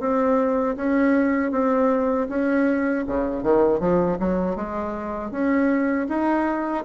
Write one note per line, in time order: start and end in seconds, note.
0.00 0.76 C4
0.76 1.52 C#4
1.52 2.28 C4
2.29 3.05 C#4
3.07 3.43 C#3
3.43 3.80 D#3
3.80 4.18 F3
4.19 4.56 F#3
4.56 5.31 G#3
5.31 6.07 C#4
6.09 6.85 D#4